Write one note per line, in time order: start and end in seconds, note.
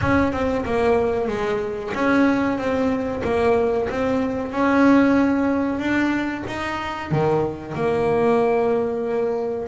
0.01 0.32 C#4
0.32 0.64 C4
0.65 1.27 A#3
1.27 1.92 G#3
1.94 2.57 C#4
2.57 3.22 C4
3.24 3.88 A#3
3.89 4.51 C4
4.51 5.79 C#4
5.79 6.43 D4
6.47 7.11 D#4
7.11 7.74 D#3
7.74 9.67 A#3